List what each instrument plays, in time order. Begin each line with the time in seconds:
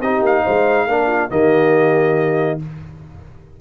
0.00 tuba C4, trombone D#4, horn G4, trumpet D#5
0.21 tuba A#3, trumpet F5
0.43 tuba G#3, horn C5
0.87 tuba A#3, trombone D4, horn A#4
1.07 horn F4
1.30 tuba D#3, trombone A#3, horn G4, trumpet D#5